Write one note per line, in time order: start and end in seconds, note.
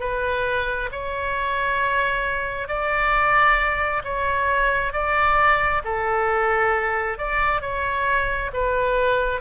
0.00 0.90 B4
0.92 2.68 C#5
2.68 4.02 D5
4.04 4.93 C#5
4.93 5.82 D5
5.85 7.18 A4
7.18 7.61 D5
7.61 8.51 C#5
8.53 9.41 B4